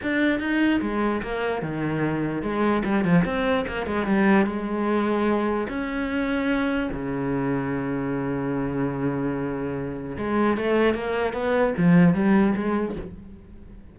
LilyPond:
\new Staff \with { instrumentName = "cello" } { \time 4/4 \tempo 4 = 148 d'4 dis'4 gis4 ais4 | dis2 gis4 g8 f8 | c'4 ais8 gis8 g4 gis4~ | gis2 cis'2~ |
cis'4 cis2.~ | cis1~ | cis4 gis4 a4 ais4 | b4 f4 g4 gis4 | }